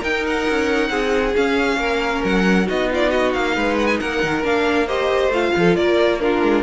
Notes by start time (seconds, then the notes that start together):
0.00 D#4 A#4 G5
0.27 F#5
0.50 C#4
0.90 C4 G#4
1.36 C#4 F5
1.76 A#3 A#4
2.24 F#3 F#5
2.65 B3 D#4 F#4 D#5
2.91 F4 D5
3.09 F#4 D#5
3.33 A#3 F5
3.56 G#3 B4
3.78 F#5
3.86 G#5
4.00 A#3 A#4 F#5
4.23 D#3
4.43 A#3 D4 F5
4.86 G4 C5 D#5
5.28 A3 F4 F5
5.57 F3 A4
5.76 A#3 A#4 D5
6.19 D4 F4 A#4
6.42 G#3